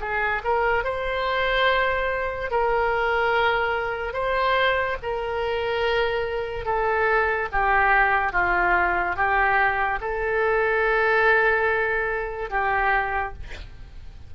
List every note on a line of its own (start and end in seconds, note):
0.00 0.42 G#4
0.44 0.84 A#4
0.84 2.51 C5
2.51 4.13 A#4
4.13 4.97 C5
5.02 6.65 A#4
6.65 7.48 A4
7.52 8.33 G4
8.33 9.16 F4
9.16 9.99 G4
10.00 12.50 A4
12.50 13.33 G4